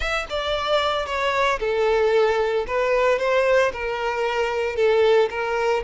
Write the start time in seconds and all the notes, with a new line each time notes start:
0.00 E5
0.29 D5
1.06 C#5
1.59 A4
2.67 B4
3.19 C5
3.72 A#4
4.76 A4
5.30 A#4